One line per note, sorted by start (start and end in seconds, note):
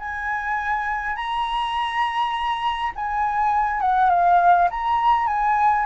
0.00 1.16 G#5
1.16 2.93 A#5
2.96 3.81 G#5
3.81 4.10 F#5
4.10 4.69 F5
4.71 5.27 A#5
5.27 5.86 G#5